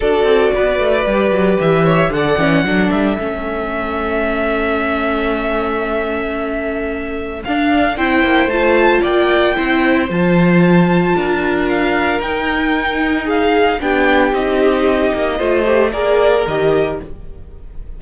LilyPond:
<<
  \new Staff \with { instrumentName = "violin" } { \time 4/4 \tempo 4 = 113 d''2. e''4 | fis''4. e''2~ e''8~ | e''1~ | e''2 f''4 g''4 |
a''4 g''2 a''4~ | a''2 f''4 g''4~ | g''4 f''4 g''4 dis''4~ | dis''2 d''4 dis''4 | }
  \new Staff \with { instrumentName = "violin" } { \time 4/4 a'4 b'2~ b'8 cis''8 | d''4 a'2.~ | a'1~ | a'2. c''4~ |
c''4 d''4 c''2~ | c''4 ais'2.~ | ais'4 gis'4 g'2~ | g'4 c''4 ais'2 | }
  \new Staff \with { instrumentName = "viola" } { \time 4/4 fis'2 g'2 | a'8 cis'8 d'4 cis'2~ | cis'1~ | cis'2 d'4 e'4 |
f'2 e'4 f'4~ | f'2. dis'4~ | dis'2 d'4 dis'4~ | dis'4 f'8 g'8 gis'4 g'4 | }
  \new Staff \with { instrumentName = "cello" } { \time 4/4 d'8 c'8 b8 a8 g8 fis8 e4 | d8 e8 fis8 g8 a2~ | a1~ | a2 d'4 c'8 ais8 |
a4 ais4 c'4 f4~ | f4 d'2 dis'4~ | dis'2 b4 c'4~ | c'8 ais8 a4 ais4 dis4 | }
>>